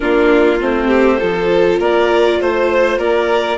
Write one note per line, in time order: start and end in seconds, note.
0.00 0.61 A#3
0.00 0.59 D4
0.00 0.87 F4
0.00 0.60 A#4
0.59 1.21 A3
0.59 1.19 C4
0.59 1.81 C5
0.87 1.17 G4
1.19 1.79 F3
1.19 3.57 F4
1.19 1.79 A4
1.79 2.39 A#3
1.79 2.39 A#4
1.79 2.41 D5
2.41 2.97 A3
2.41 2.99 C5
2.41 2.98 C5
2.97 3.57 A#3
2.97 3.57 A#4
2.97 3.57 D5